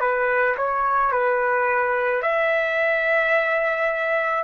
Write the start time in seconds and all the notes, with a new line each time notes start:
0.00 B4
0.57 C#5
1.12 B4
2.22 E5